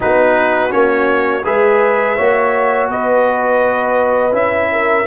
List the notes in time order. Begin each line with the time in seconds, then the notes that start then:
0.00 B3 D#4 F#4 B4
0.69 A#3 C#4 C#5
1.44 G#3 G#4 B4 E5
2.16 A#3 F#4 C#5
2.89 B3 B4 D#5
4.31 C#4 E4 E5
4.72 A#4